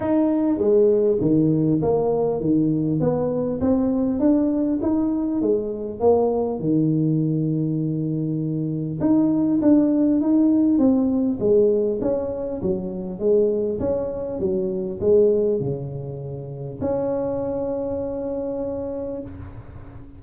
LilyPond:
\new Staff \with { instrumentName = "tuba" } { \time 4/4 \tempo 4 = 100 dis'4 gis4 dis4 ais4 | dis4 b4 c'4 d'4 | dis'4 gis4 ais4 dis4~ | dis2. dis'4 |
d'4 dis'4 c'4 gis4 | cis'4 fis4 gis4 cis'4 | fis4 gis4 cis2 | cis'1 | }